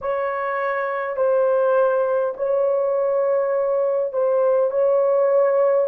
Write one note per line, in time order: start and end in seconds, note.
0.01 1.16 C#5
1.16 2.34 C5
2.36 4.12 C#5
4.12 4.71 C5
4.71 5.87 C#5